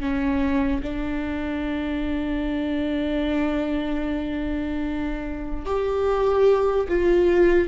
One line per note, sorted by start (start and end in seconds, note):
0.00 0.81 C#4
0.82 5.66 D4
5.66 6.87 G4
6.88 7.68 F4